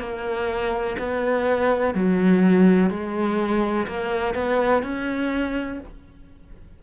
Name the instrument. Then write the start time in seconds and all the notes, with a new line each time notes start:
cello
0.00 A#3
0.99 B3
1.95 F#3
2.90 G#3
3.88 A#3
4.35 B3
4.83 C#4